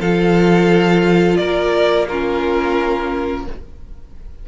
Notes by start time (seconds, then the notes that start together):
0.00 F3 F4 A4 F5
1.37 A#3 A#4 D5
2.08 C#4 F4 A#4